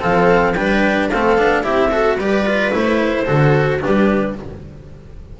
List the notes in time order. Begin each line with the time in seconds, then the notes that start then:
0.00 F3 C4 A4 F5
0.53 G3 D4 B4 G5
1.10 A3 C4 A4 F5
1.38 B3 D4
1.64 C4 E4 G4 E5
1.92 F#4 A4
2.17 G3 G4 B4 D5
2.46 F4
2.72 A3 E4 C5
3.26 D3 F#4 A4
3.81 G3 D4 G4 B4